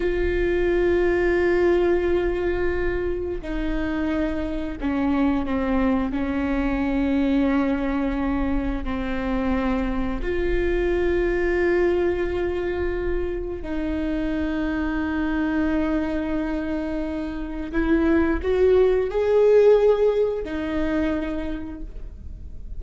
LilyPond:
\new Staff \with { instrumentName = "viola" } { \time 4/4 \tempo 4 = 88 f'1~ | f'4 dis'2 cis'4 | c'4 cis'2.~ | cis'4 c'2 f'4~ |
f'1 | dis'1~ | dis'2 e'4 fis'4 | gis'2 dis'2 | }